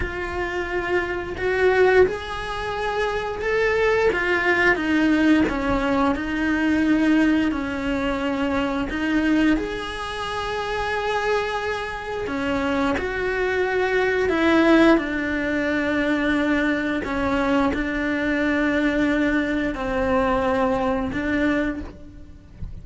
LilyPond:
\new Staff \with { instrumentName = "cello" } { \time 4/4 \tempo 4 = 88 f'2 fis'4 gis'4~ | gis'4 a'4 f'4 dis'4 | cis'4 dis'2 cis'4~ | cis'4 dis'4 gis'2~ |
gis'2 cis'4 fis'4~ | fis'4 e'4 d'2~ | d'4 cis'4 d'2~ | d'4 c'2 d'4 | }